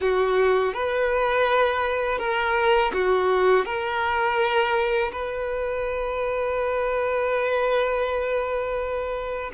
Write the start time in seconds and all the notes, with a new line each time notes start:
0.00 F#4
0.73 B4
2.18 A#4
2.93 F#4
3.65 A#4
5.12 B4